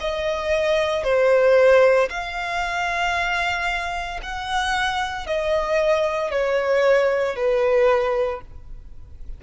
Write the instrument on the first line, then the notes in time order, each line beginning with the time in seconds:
violin
0.00 D#5
1.03 C5
2.10 F5
4.22 F#5
5.26 D#5
6.31 C#5
7.36 B4